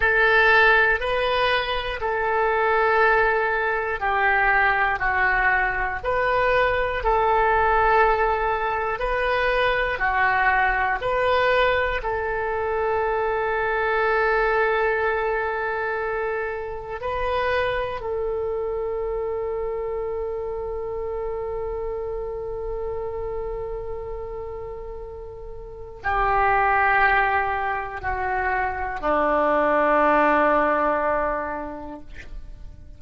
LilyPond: \new Staff \with { instrumentName = "oboe" } { \time 4/4 \tempo 4 = 60 a'4 b'4 a'2 | g'4 fis'4 b'4 a'4~ | a'4 b'4 fis'4 b'4 | a'1~ |
a'4 b'4 a'2~ | a'1~ | a'2 g'2 | fis'4 d'2. | }